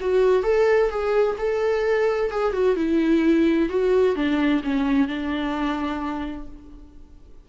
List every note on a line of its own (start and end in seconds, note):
0.00 0.43 F#4
0.43 0.89 A4
0.90 1.36 G#4
1.38 2.30 A4
2.30 2.52 G#4
2.52 2.75 F#4
2.76 3.69 E4
3.69 4.15 F#4
4.15 4.62 D4
4.63 5.07 C#4
5.07 6.47 D4